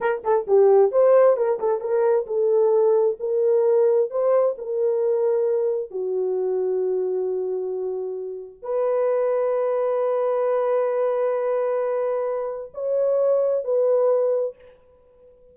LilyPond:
\new Staff \with { instrumentName = "horn" } { \time 4/4 \tempo 4 = 132 ais'8 a'8 g'4 c''4 ais'8 a'8 | ais'4 a'2 ais'4~ | ais'4 c''4 ais'2~ | ais'4 fis'2.~ |
fis'2. b'4~ | b'1~ | b'1 | cis''2 b'2 | }